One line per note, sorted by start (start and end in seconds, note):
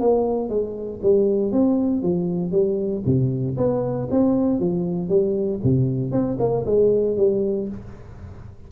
0.00 0.49 A#3
0.49 1.00 G#3
1.03 1.52 G3
1.52 2.02 C4
2.02 2.52 F3
2.52 3.03 G3
3.06 3.57 C3
3.57 4.09 B3
4.11 4.60 C4
4.60 5.09 F3
5.09 5.60 G3
5.64 6.12 C3
6.12 6.38 C4
6.39 6.65 A#3
6.66 7.17 G#3
7.17 7.69 G3